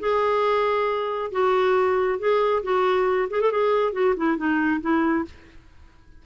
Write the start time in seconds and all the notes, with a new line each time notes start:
0.00 G#4
1.32 F#4
2.19 G#4
2.63 F#4
3.30 G#4
3.41 A4
3.52 G#4
3.93 F#4
4.17 E4
4.37 D#4
4.81 E4